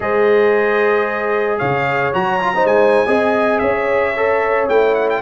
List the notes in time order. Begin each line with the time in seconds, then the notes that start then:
0.00 G#3 G#4 C5 D#5
1.58 C#3 C#5 F5
2.13 F#3 F#4 A#5
2.40 F4
2.54 D#4 C5
2.64 G#3 G#5
3.06 C4 G#4 D#5
3.58 C#4 C#5 E5
4.16 A4
4.68 A3 E4 G5
4.94 F#5
5.09 G5